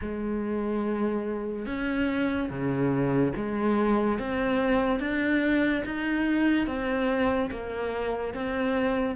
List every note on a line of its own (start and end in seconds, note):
0.01 1.66 G#3
1.66 2.49 C#4
2.49 3.33 C#3
3.36 4.19 G#3
4.19 4.99 C4
4.99 5.83 D4
5.85 6.66 D#4
6.66 7.50 C4
7.50 8.33 A#3
8.33 9.15 C4